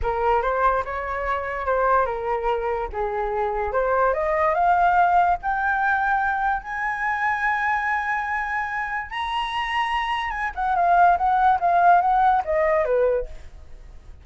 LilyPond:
\new Staff \with { instrumentName = "flute" } { \time 4/4 \tempo 4 = 145 ais'4 c''4 cis''2 | c''4 ais'2 gis'4~ | gis'4 c''4 dis''4 f''4~ | f''4 g''2. |
gis''1~ | gis''2 ais''2~ | ais''4 gis''8 fis''8 f''4 fis''4 | f''4 fis''4 dis''4 b'4 | }